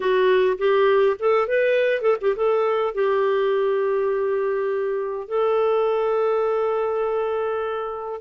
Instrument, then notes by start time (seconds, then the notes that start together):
clarinet
0.00 F#4
0.58 G4
1.19 A4
1.47 B4
2.01 A4
2.20 G4
2.35 A4
2.94 G4
5.28 A4